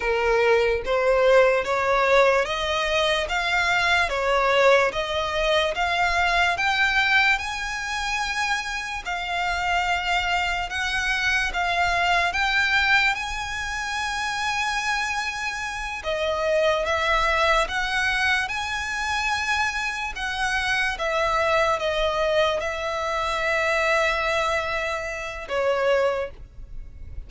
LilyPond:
\new Staff \with { instrumentName = "violin" } { \time 4/4 \tempo 4 = 73 ais'4 c''4 cis''4 dis''4 | f''4 cis''4 dis''4 f''4 | g''4 gis''2 f''4~ | f''4 fis''4 f''4 g''4 |
gis''2.~ gis''8 dis''8~ | dis''8 e''4 fis''4 gis''4.~ | gis''8 fis''4 e''4 dis''4 e''8~ | e''2. cis''4 | }